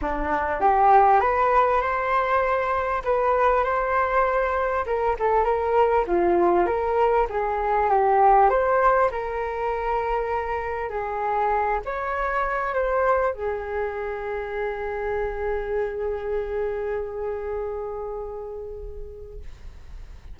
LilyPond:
\new Staff \with { instrumentName = "flute" } { \time 4/4 \tempo 4 = 99 d'4 g'4 b'4 c''4~ | c''4 b'4 c''2 | ais'8 a'8 ais'4 f'4 ais'4 | gis'4 g'4 c''4 ais'4~ |
ais'2 gis'4. cis''8~ | cis''4 c''4 gis'2~ | gis'1~ | gis'1 | }